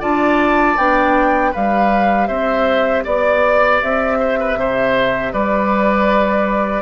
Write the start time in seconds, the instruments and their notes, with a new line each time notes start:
0.00 bassoon D4, clarinet F4, oboe D5, flute A5
0.78 bassoon B3, clarinet D4, flute G5
1.52 bassoon G3, clarinet G4, oboe B4, flute F5
2.28 bassoon C4, oboe C5, flute E5
3.04 bassoon B3, oboe D5, flute D5
3.83 bassoon C4, flute E5
4.20 oboe C5
4.40 oboe B4
4.56 bassoon C3, oboe C5
5.33 bassoon G3, oboe B4, flute D5